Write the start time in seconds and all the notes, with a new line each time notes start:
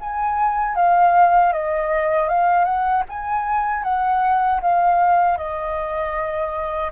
0.00 G#5
0.75 F5
1.52 D#5
2.28 F5
2.64 F#5
3.09 G#5
3.83 F#5
4.61 F5
5.37 D#5